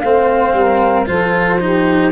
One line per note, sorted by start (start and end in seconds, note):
0.00 0.54 A3
0.00 1.06 C4
0.00 0.57 C5
0.00 1.05 F5
0.54 1.06 G3
0.54 1.08 A#4
1.06 2.12 F3
1.06 1.59 F4
1.06 1.61 A4
1.06 2.12 C5
1.60 2.12 D#4
1.60 2.12 G4